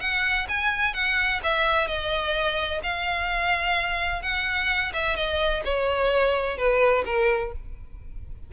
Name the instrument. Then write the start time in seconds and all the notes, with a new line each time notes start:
violin
0.00 F#5
0.49 G#5
0.94 F#5
1.43 E5
1.87 D#5
2.83 F5
4.22 F#5
4.93 E5
5.16 D#5
5.65 C#5
6.57 B4
7.05 A#4